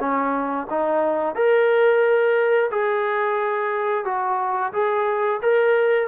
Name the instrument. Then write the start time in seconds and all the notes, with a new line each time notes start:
trombone
0.00 C#4
0.70 D#4
1.35 A#4
2.71 G#4
4.05 F#4
4.73 G#4
5.42 A#4